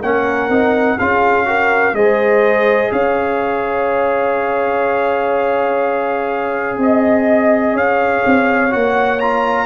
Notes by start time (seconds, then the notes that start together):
0.00 A#3 C#4 A#4 F#5
0.49 C4 D#4
0.98 C#4 F4 G#4 F5
1.46 F#4 A#4
1.93 G#3 G#4 C5 D#5
2.92 C#4 C#5 F5
6.77 C4 D#5
7.73 C#4 C#5 F5
8.26 C4
8.70 A#3 F#4 F#5
9.20 F4 A#5